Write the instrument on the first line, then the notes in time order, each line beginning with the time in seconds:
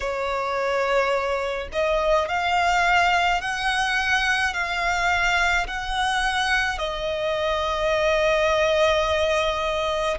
violin
0.00 C#5
1.72 D#5
2.28 F5
3.41 F#5
4.53 F5
5.67 F#5
6.78 D#5